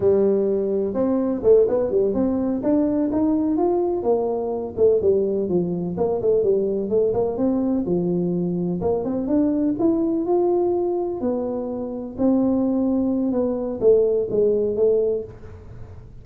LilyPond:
\new Staff \with { instrumentName = "tuba" } { \time 4/4 \tempo 4 = 126 g2 c'4 a8 b8 | g8 c'4 d'4 dis'4 f'8~ | f'8 ais4. a8 g4 f8~ | f8 ais8 a8 g4 a8 ais8 c'8~ |
c'8 f2 ais8 c'8 d'8~ | d'8 e'4 f'2 b8~ | b4. c'2~ c'8 | b4 a4 gis4 a4 | }